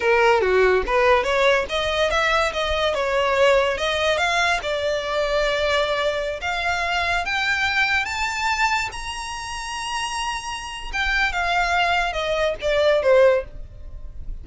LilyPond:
\new Staff \with { instrumentName = "violin" } { \time 4/4 \tempo 4 = 143 ais'4 fis'4 b'4 cis''4 | dis''4 e''4 dis''4 cis''4~ | cis''4 dis''4 f''4 d''4~ | d''2.~ d''16 f''8.~ |
f''4~ f''16 g''2 a''8.~ | a''4~ a''16 ais''2~ ais''8.~ | ais''2 g''4 f''4~ | f''4 dis''4 d''4 c''4 | }